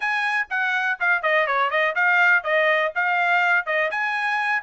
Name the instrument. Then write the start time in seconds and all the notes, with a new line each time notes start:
trumpet
0.00 G#5
0.50 F#5
1.00 F5
1.22 D#5
1.46 C#5
1.70 D#5
1.95 F5
2.43 D#5
2.95 F5
3.66 D#5
3.90 G#5